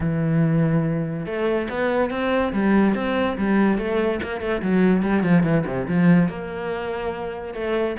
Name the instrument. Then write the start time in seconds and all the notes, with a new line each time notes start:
cello
0.00 E3
1.25 A3
1.69 B3
2.10 C4
2.52 G3
2.95 C4
3.37 G3
3.78 A3
4.23 A#3
4.40 A3
4.62 F#3
5.02 G3
5.23 F3
5.43 E3
5.66 C3
5.88 F3
6.28 A#3
7.54 A3